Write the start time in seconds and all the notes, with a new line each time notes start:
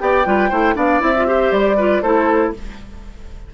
0.00 B3 G4 D5 G5
0.26 G3 F4 B4
0.49 A3 E4 C5
0.75 B3 D4 D5 F5
1.01 C4 E4 E5
1.17 F4
1.27 G4 C5
1.52 G3 D5
1.77 F4 B4
2.02 A3 E4 A4 C5